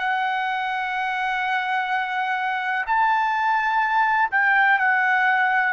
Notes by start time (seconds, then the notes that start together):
0.00 F#5
2.87 A5
4.31 G5
4.79 F#5